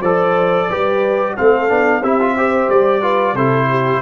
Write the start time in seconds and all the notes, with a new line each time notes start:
0.00 F3 A4 C5 D5
0.69 G3 G4 B4
1.37 A3 C4 A4 F5
1.68 B3 D4
2.01 C4 E4 G4 E5
2.20 F4
2.37 G4 C5
2.69 G3 D5
3.01 F4 B4
3.34 C3 E4 A4 C5
3.70 G4